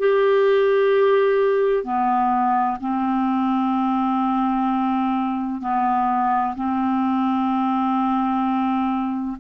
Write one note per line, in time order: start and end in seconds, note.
0.00 1.85 G4
1.85 2.78 B3
2.81 5.62 C4
5.62 6.55 B3
6.56 9.37 C4